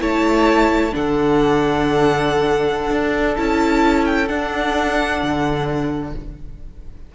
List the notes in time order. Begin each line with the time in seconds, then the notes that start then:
0.00 A3 E4 C#5 A5
0.92 D3 D4 A4 F#5
2.91 D4
3.36 C#4 E4 A5
4.06 G5
4.28 D4 F#5
5.23 D3